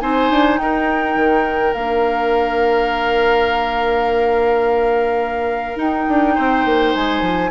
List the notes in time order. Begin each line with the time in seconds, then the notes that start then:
0.00 C4 D#4 C5 G#5
0.30 D4
0.58 D#4 A#4 G5
1.16 D#3
1.72 A#3 D4 F5
5.75 D#4 G5
6.08 D4
6.35 C4 C5
6.65 A#3
6.94 G#3 G#5
7.21 F3